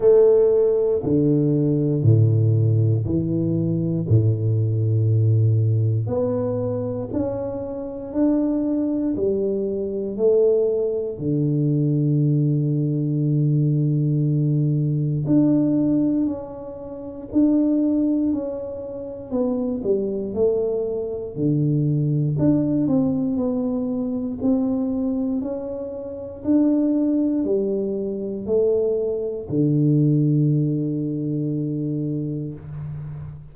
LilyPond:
\new Staff \with { instrumentName = "tuba" } { \time 4/4 \tempo 4 = 59 a4 d4 a,4 e4 | a,2 b4 cis'4 | d'4 g4 a4 d4~ | d2. d'4 |
cis'4 d'4 cis'4 b8 g8 | a4 d4 d'8 c'8 b4 | c'4 cis'4 d'4 g4 | a4 d2. | }